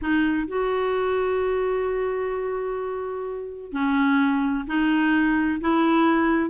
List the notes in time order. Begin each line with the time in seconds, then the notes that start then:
0.01 D#4
0.47 F#4
3.72 C#4
4.67 D#4
5.60 E4